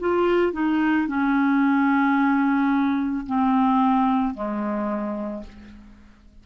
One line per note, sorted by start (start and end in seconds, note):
0.00 0.53 F4
0.53 1.08 D#4
1.08 3.26 C#4
3.27 4.34 C4
4.34 5.43 G#3